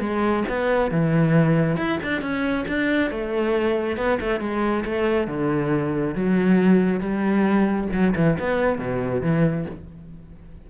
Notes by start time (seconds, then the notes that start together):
0.00 G#3
0.49 B3
0.91 E3
1.77 E4
2.03 D4
2.21 C#4
2.68 D4
3.11 A3
3.97 B3
4.20 A3
4.40 G#3
4.85 A3
5.27 D3
6.15 F#3
7.00 G3
7.92 F#3
8.16 E3
8.39 B3
8.78 B2
9.22 E3